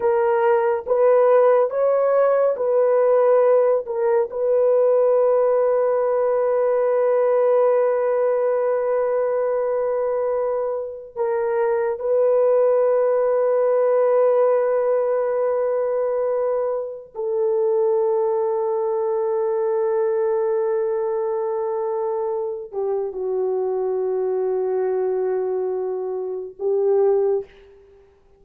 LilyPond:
\new Staff \with { instrumentName = "horn" } { \time 4/4 \tempo 4 = 70 ais'4 b'4 cis''4 b'4~ | b'8 ais'8 b'2.~ | b'1~ | b'4 ais'4 b'2~ |
b'1 | a'1~ | a'2~ a'8 g'8 fis'4~ | fis'2. g'4 | }